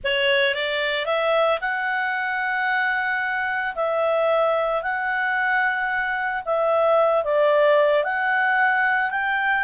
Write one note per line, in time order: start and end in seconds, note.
0.04 0.54 C#5
0.54 1.05 D5
1.05 1.59 E5
1.60 3.75 F#5
3.75 4.82 E5
4.82 6.43 F#5
6.45 7.24 E5
7.24 8.04 D5
8.04 9.10 F#5
9.10 9.63 G5